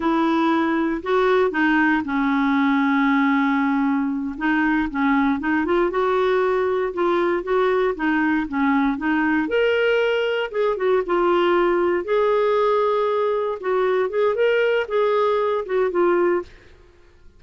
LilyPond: \new Staff \with { instrumentName = "clarinet" } { \time 4/4 \tempo 4 = 117 e'2 fis'4 dis'4 | cis'1~ | cis'8 dis'4 cis'4 dis'8 f'8 fis'8~ | fis'4. f'4 fis'4 dis'8~ |
dis'8 cis'4 dis'4 ais'4.~ | ais'8 gis'8 fis'8 f'2 gis'8~ | gis'2~ gis'8 fis'4 gis'8 | ais'4 gis'4. fis'8 f'4 | }